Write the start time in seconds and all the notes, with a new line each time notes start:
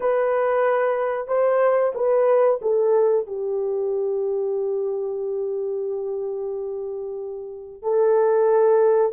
0.00 B4
1.27 C5
1.94 B4
2.61 A4
3.26 G4
7.82 A4